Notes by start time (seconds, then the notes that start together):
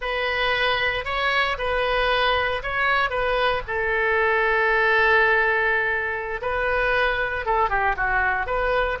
0.01 B4
1.05 C#5
1.57 B4
2.62 C#5
3.09 B4
3.67 A4
6.41 B4
7.45 A4
7.69 G4
7.96 F#4
8.46 B4